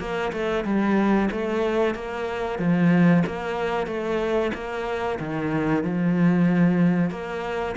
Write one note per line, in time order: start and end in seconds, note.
0.00 0.32 A#3
0.33 0.65 A3
0.65 1.30 G3
1.32 1.95 A3
1.95 2.59 A#3
2.59 3.24 F3
3.27 3.87 A#3
3.87 4.52 A3
4.55 5.19 A#3
5.20 5.84 D#3
5.84 7.11 F3
7.11 7.76 A#3